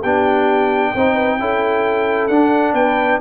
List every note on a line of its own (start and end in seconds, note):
0.00 0.94 B3
0.00 0.96 D4
0.00 0.91 G4
0.00 2.28 G5
0.95 1.40 C4
0.95 1.40 D#4
0.95 1.14 C5
1.14 1.37 B4
1.40 2.30 C#4
1.40 2.31 E4
1.40 2.77 A4
2.28 2.74 D4
2.28 3.21 D4
2.28 2.73 F#5
2.74 3.19 B3
2.74 3.21 B4
2.74 3.20 G5